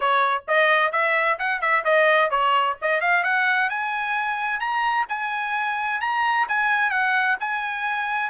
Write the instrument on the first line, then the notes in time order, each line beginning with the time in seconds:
trumpet
0.00 C#5
0.47 D#5
0.92 E5
1.38 F#5
1.61 E5
1.84 D#5
2.30 C#5
2.81 D#5
3.00 F5
3.23 F#5
3.69 G#5
4.59 A#5
5.08 G#5
6.00 A#5
6.48 G#5
6.90 F#5
7.40 G#5